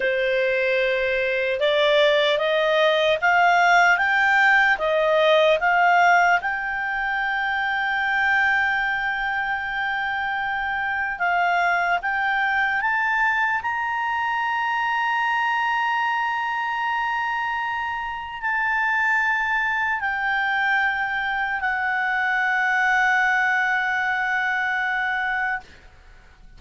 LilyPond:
\new Staff \with { instrumentName = "clarinet" } { \time 4/4 \tempo 4 = 75 c''2 d''4 dis''4 | f''4 g''4 dis''4 f''4 | g''1~ | g''2 f''4 g''4 |
a''4 ais''2.~ | ais''2. a''4~ | a''4 g''2 fis''4~ | fis''1 | }